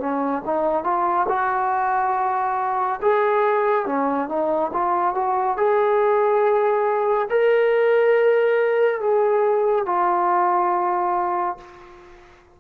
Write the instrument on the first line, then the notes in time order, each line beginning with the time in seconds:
trombone
0.00 C#4
0.46 D#4
0.84 F4
1.29 F#4
3.02 G#4
3.86 C#4
4.29 D#4
4.73 F4
5.15 F#4
5.57 G#4
7.30 A#4
9.01 G#4
9.86 F4